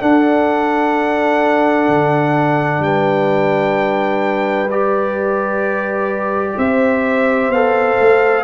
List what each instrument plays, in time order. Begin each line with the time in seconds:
0.00 trombone D4, tuba D4, horn A4, trumpet F#5
1.88 tuba D3
2.79 tuba G3, horn B4, trumpet G5
4.71 trombone G4, trumpet D5
6.56 tuba C4, horn C5, trumpet E5
7.49 tuba B3, trombone A4, trumpet F5
8.00 tuba A3